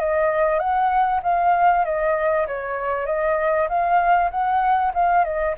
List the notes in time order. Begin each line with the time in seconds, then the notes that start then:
0.00 D#5
0.60 F#5
1.23 F5
1.85 D#5
2.48 C#5
3.06 D#5
3.69 F5
4.31 F#5
4.95 F5
5.25 D#5